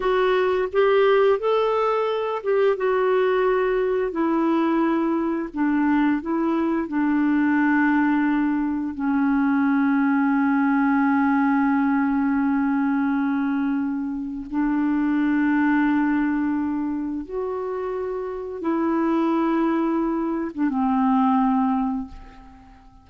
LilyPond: \new Staff \with { instrumentName = "clarinet" } { \time 4/4 \tempo 4 = 87 fis'4 g'4 a'4. g'8 | fis'2 e'2 | d'4 e'4 d'2~ | d'4 cis'2.~ |
cis'1~ | cis'4 d'2.~ | d'4 fis'2 e'4~ | e'4.~ e'16 d'16 c'2 | }